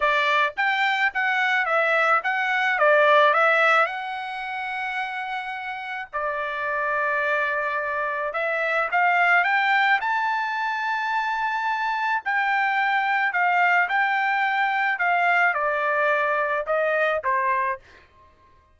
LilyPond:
\new Staff \with { instrumentName = "trumpet" } { \time 4/4 \tempo 4 = 108 d''4 g''4 fis''4 e''4 | fis''4 d''4 e''4 fis''4~ | fis''2. d''4~ | d''2. e''4 |
f''4 g''4 a''2~ | a''2 g''2 | f''4 g''2 f''4 | d''2 dis''4 c''4 | }